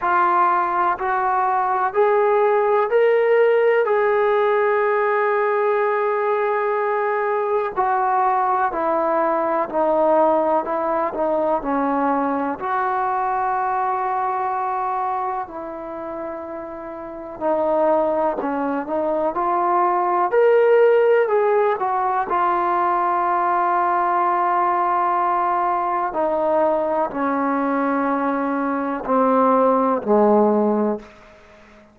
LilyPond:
\new Staff \with { instrumentName = "trombone" } { \time 4/4 \tempo 4 = 62 f'4 fis'4 gis'4 ais'4 | gis'1 | fis'4 e'4 dis'4 e'8 dis'8 | cis'4 fis'2. |
e'2 dis'4 cis'8 dis'8 | f'4 ais'4 gis'8 fis'8 f'4~ | f'2. dis'4 | cis'2 c'4 gis4 | }